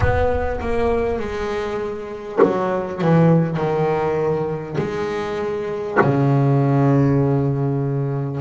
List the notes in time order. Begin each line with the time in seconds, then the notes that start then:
0.00 B3
0.60 A#3
1.19 G#3
2.42 F#3
3.01 E3
3.57 D#3
4.78 G#3
6.01 C#3